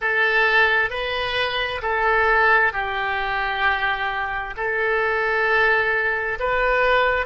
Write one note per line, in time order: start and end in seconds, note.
0.01 0.90 A4
0.90 1.81 B4
1.81 2.72 A4
2.72 4.54 G4
4.56 6.38 A4
6.39 7.26 B4